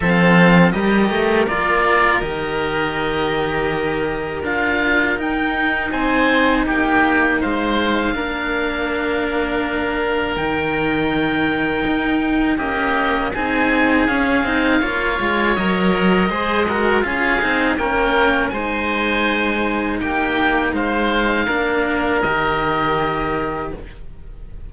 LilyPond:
<<
  \new Staff \with { instrumentName = "oboe" } { \time 4/4 \tempo 4 = 81 f''4 dis''4 d''4 dis''4~ | dis''2 f''4 g''4 | gis''4 g''4 f''2~ | f''2 g''2~ |
g''4 dis''4 gis''4 f''4~ | f''4 dis''2 f''4 | g''4 gis''2 g''4 | f''2 dis''2 | }
  \new Staff \with { instrumentName = "oboe" } { \time 4/4 a'4 ais'2.~ | ais'1 | c''4 g'4 c''4 ais'4~ | ais'1~ |
ais'4 g'4 gis'2 | cis''2 c''8 ais'8 gis'4 | ais'4 c''2 g'4 | c''4 ais'2. | }
  \new Staff \with { instrumentName = "cello" } { \time 4/4 c'4 g'4 f'4 g'4~ | g'2 f'4 dis'4~ | dis'2. d'4~ | d'2 dis'2~ |
dis'4 ais4 dis'4 cis'8 dis'8 | f'4 ais'4 gis'8 fis'8 f'8 dis'8 | cis'4 dis'2.~ | dis'4 d'4 g'2 | }
  \new Staff \with { instrumentName = "cello" } { \time 4/4 f4 g8 a8 ais4 dis4~ | dis2 d'4 dis'4 | c'4 ais4 gis4 ais4~ | ais2 dis2 |
dis'4 cis'4 c'4 cis'8 c'8 | ais8 gis8 fis4 gis4 cis'8 c'8 | ais4 gis2 ais4 | gis4 ais4 dis2 | }
>>